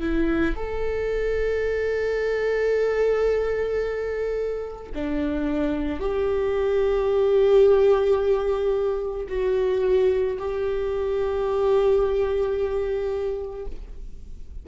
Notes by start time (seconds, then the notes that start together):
0.00 E4
0.56 A4
4.94 D4
6.00 G4
9.28 F#4
10.38 G4